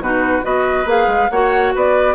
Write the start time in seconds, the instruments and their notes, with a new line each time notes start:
0.00 bassoon B2, clarinet D#4, oboe F#4, flute B4
0.43 bassoon B3, clarinet F#4, oboe B4, flute D#5
0.86 bassoon A#3, clarinet G#4, flute F5
1.08 bassoon G#3
1.30 bassoon A#3, clarinet F#4, oboe C#5, flute F#5
1.75 bassoon B3, oboe B4, flute D5